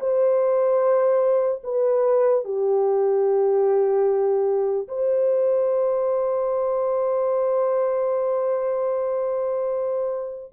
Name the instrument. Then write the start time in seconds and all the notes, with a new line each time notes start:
horn
0.00 C5
1.64 B4
2.44 G4
4.88 C5